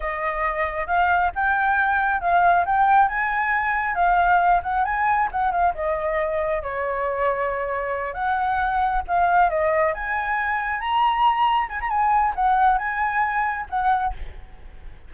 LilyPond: \new Staff \with { instrumentName = "flute" } { \time 4/4 \tempo 4 = 136 dis''2 f''4 g''4~ | g''4 f''4 g''4 gis''4~ | gis''4 f''4. fis''8 gis''4 | fis''8 f''8 dis''2 cis''4~ |
cis''2~ cis''8 fis''4.~ | fis''8 f''4 dis''4 gis''4.~ | gis''8 ais''2 gis''16 ais''16 gis''4 | fis''4 gis''2 fis''4 | }